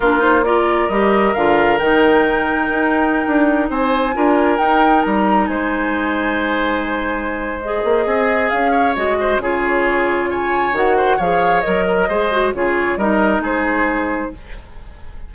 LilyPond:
<<
  \new Staff \with { instrumentName = "flute" } { \time 4/4 \tempo 4 = 134 ais'8 c''8 d''4 dis''4 f''4 | g''1~ | g''16 gis''2 g''4 ais''8.~ | ais''16 gis''2.~ gis''8.~ |
gis''4 dis''2 f''4 | dis''4 cis''2 gis''4 | fis''4 f''4 dis''2 | cis''4 dis''4 c''2 | }
  \new Staff \with { instrumentName = "oboe" } { \time 4/4 f'4 ais'2.~ | ais'1~ | ais'16 c''4 ais'2~ ais'8.~ | ais'16 c''2.~ c''8.~ |
c''2 gis'4. cis''8~ | cis''8 c''8 gis'2 cis''4~ | cis''8 c''8 cis''4. ais'8 c''4 | gis'4 ais'4 gis'2 | }
  \new Staff \with { instrumentName = "clarinet" } { \time 4/4 d'8 dis'8 f'4 g'4 f'4 | dis'1~ | dis'4~ dis'16 f'4 dis'4.~ dis'16~ | dis'1~ |
dis'4 gis'2. | fis'4 f'2. | fis'4 gis'4 ais'4 gis'8 fis'8 | f'4 dis'2. | }
  \new Staff \with { instrumentName = "bassoon" } { \time 4/4 ais2 g4 d4 | dis2 dis'4~ dis'16 d'8.~ | d'16 c'4 d'4 dis'4 g8.~ | g16 gis2.~ gis8.~ |
gis4. ais8 c'4 cis'4 | gis4 cis2. | dis4 f4 fis4 gis4 | cis4 g4 gis2 | }
>>